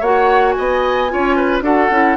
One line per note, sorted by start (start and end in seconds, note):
0.00 0.55 A#3
0.00 1.09 F#4
0.00 0.54 C#5
0.00 0.51 F#5
0.51 1.59 G#5
0.58 1.13 B3
0.58 1.12 D#5
1.09 1.61 C#4
1.09 1.62 F4
1.09 1.36 C#5
1.36 1.63 B4
1.61 1.88 D4
1.61 1.89 F#4
1.61 2.17 A4
1.61 2.17 F#5
1.90 2.17 C#4
1.90 2.17 E4